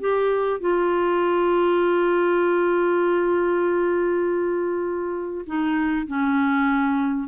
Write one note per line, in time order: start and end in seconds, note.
0.00 0.60 G4
0.60 5.45 F4
5.46 6.07 D#4
6.07 7.28 C#4